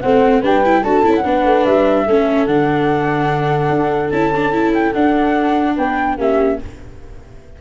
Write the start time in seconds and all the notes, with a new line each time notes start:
0.00 A3 C4 C5 F#5
0.40 G3 D4 B4 G5
0.65 E4
0.82 D4 F#4 A4 A5
1.03 C#4 E4
1.15 F#5
1.23 B3 D4 B4
1.45 A3
1.65 G3 E5
2.06 A3 C#4 A4
2.46 D3 D4 F#5
3.69 D4
4.10 C#4 E4 A5
4.35 D4
4.52 E4
4.74 G5
4.93 D4 F#5
5.75 B3 B4 G5
6.17 A#3 C#4 G4 E5